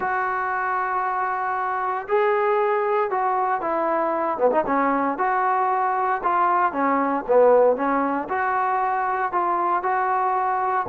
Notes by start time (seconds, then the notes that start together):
0.00 F#4
2.08 G#4
3.10 F#4
3.61 E4
4.38 B3
4.51 D#4
4.66 C#4
5.18 F#4
6.23 F4
6.72 C#4
7.27 B3
7.76 C#4
8.29 F#4
9.32 F4
9.83 F#4